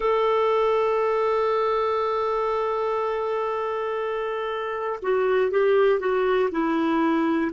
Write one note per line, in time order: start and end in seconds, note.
0.00 4.99 A4
5.02 5.50 F#4
5.50 5.99 G4
5.99 6.49 F#4
6.51 7.51 E4